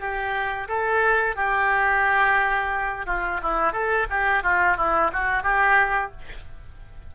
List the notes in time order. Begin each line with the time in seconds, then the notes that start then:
0.00 G4
0.69 A4
1.36 G4
3.07 F4
3.43 E4
3.73 A4
4.10 G4
4.43 F4
4.77 E4
5.13 F#4
5.44 G4